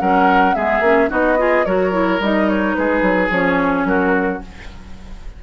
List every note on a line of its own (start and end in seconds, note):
0.00 0.56 F#3
0.00 0.55 C#4
0.00 0.56 A#4
0.00 0.55 F#5
0.55 0.81 G#3
0.55 0.82 B3
0.55 1.10 G#4
0.55 1.10 E5
0.81 1.08 A#3
0.81 1.09 C#4
1.09 1.66 B3
1.09 1.37 D#4
1.09 1.38 F#4
1.09 1.65 D#5
1.38 1.65 F4
1.38 1.66 G#4
1.65 2.20 F#3
1.65 1.92 F#4
1.65 2.76 A#4
1.65 2.20 C#5
1.92 2.19 E4
2.20 2.75 G3
2.20 3.31 D#4
2.20 2.49 D#5
2.49 2.75 C#5
2.75 3.02 G#3
2.75 3.88 G#4
2.75 3.30 B4
3.02 3.30 F#3
3.30 3.85 F3
3.30 4.42 C#4
3.30 3.86 C#5
3.85 4.40 F#3
3.85 4.43 F#4
3.85 4.42 A#4